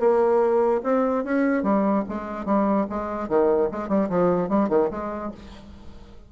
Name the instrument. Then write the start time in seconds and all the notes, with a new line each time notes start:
bassoon
0.00 A#3
0.84 C4
1.25 C#4
1.63 G3
2.09 G#3
2.46 G3
2.90 G#3
3.29 D#3
3.72 G#3
3.89 G3
4.09 F3
4.49 G3
4.69 D#3
4.91 G#3